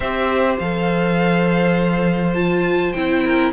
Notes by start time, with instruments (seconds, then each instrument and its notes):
0.00 cello C4, viola G4, violin C5 E5
0.58 cello F3, viola A4, violin F5
2.34 viola F4, violin A5
2.92 cello C4, viola E4, violin G5
3.25 violin A#4